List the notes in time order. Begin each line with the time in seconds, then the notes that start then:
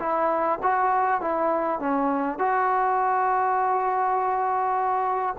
0.00 E4
0.63 F#4
1.22 E4
1.79 C#4
2.39 F#4